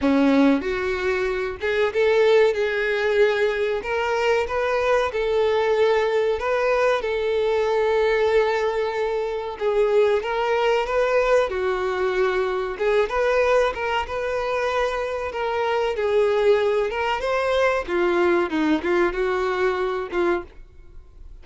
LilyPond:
\new Staff \with { instrumentName = "violin" } { \time 4/4 \tempo 4 = 94 cis'4 fis'4. gis'8 a'4 | gis'2 ais'4 b'4 | a'2 b'4 a'4~ | a'2. gis'4 |
ais'4 b'4 fis'2 | gis'8 b'4 ais'8 b'2 | ais'4 gis'4. ais'8 c''4 | f'4 dis'8 f'8 fis'4. f'8 | }